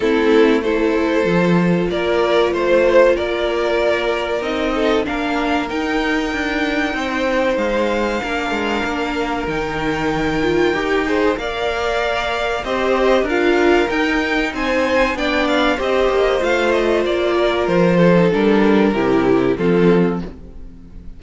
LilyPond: <<
  \new Staff \with { instrumentName = "violin" } { \time 4/4 \tempo 4 = 95 a'4 c''2 d''4 | c''4 d''2 dis''4 | f''4 g''2. | f''2. g''4~ |
g''2 f''2 | dis''4 f''4 g''4 gis''4 | g''8 f''8 dis''4 f''8 dis''8 d''4 | c''4 ais'2 a'4 | }
  \new Staff \with { instrumentName = "violin" } { \time 4/4 e'4 a'2 ais'4 | c''4 ais'2~ ais'8 a'8 | ais'2. c''4~ | c''4 ais'2.~ |
ais'4. c''8 d''2 | c''4 ais'2 c''4 | d''4 c''2~ c''8 ais'8~ | ais'8 a'4. g'4 f'4 | }
  \new Staff \with { instrumentName = "viola" } { \time 4/4 c'4 e'4 f'2~ | f'2. dis'4 | d'4 dis'2.~ | dis'4 d'2 dis'4~ |
dis'8 f'8 g'8 gis'8 ais'2 | g'4 f'4 dis'2 | d'4 g'4 f'2~ | f'8. dis'16 d'4 e'4 c'4 | }
  \new Staff \with { instrumentName = "cello" } { \time 4/4 a2 f4 ais4 | a4 ais2 c'4 | ais4 dis'4 d'4 c'4 | gis4 ais8 gis8 ais4 dis4~ |
dis4 dis'4 ais2 | c'4 d'4 dis'4 c'4 | b4 c'8 ais8 a4 ais4 | f4 g4 c4 f4 | }
>>